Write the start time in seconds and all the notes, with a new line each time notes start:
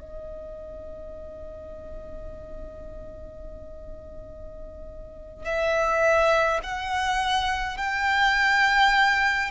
0.00 D#5
5.45 E5
6.64 F#5
7.78 G5